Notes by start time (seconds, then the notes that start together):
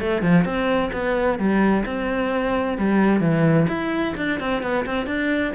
0.00 A3
0.22 F3
0.44 C4
0.92 B3
1.39 G3
1.85 C4
2.78 G3
3.20 E3
3.68 E4
4.17 D4
4.40 C4
4.62 B3
4.85 C4
5.06 D4